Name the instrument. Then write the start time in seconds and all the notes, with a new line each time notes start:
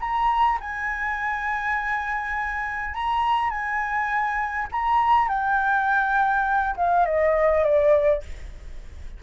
flute
0.00 A#5
0.60 G#5
2.94 A#5
3.50 G#5
4.71 A#5
5.29 G5
6.76 F5
7.06 D#5
7.64 D5